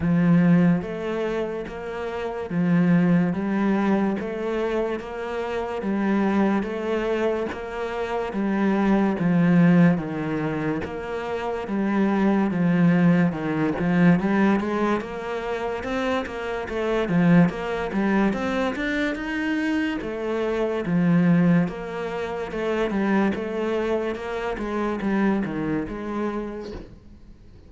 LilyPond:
\new Staff \with { instrumentName = "cello" } { \time 4/4 \tempo 4 = 72 f4 a4 ais4 f4 | g4 a4 ais4 g4 | a4 ais4 g4 f4 | dis4 ais4 g4 f4 |
dis8 f8 g8 gis8 ais4 c'8 ais8 | a8 f8 ais8 g8 c'8 d'8 dis'4 | a4 f4 ais4 a8 g8 | a4 ais8 gis8 g8 dis8 gis4 | }